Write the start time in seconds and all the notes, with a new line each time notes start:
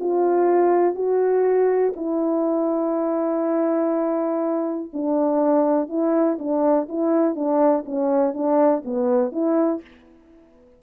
0.00 F4
0.95 F#4
1.96 E4
4.93 D4
5.89 E4
6.39 D4
6.89 E4
7.36 D4
7.86 C#4
8.34 D4
8.85 B3
9.32 E4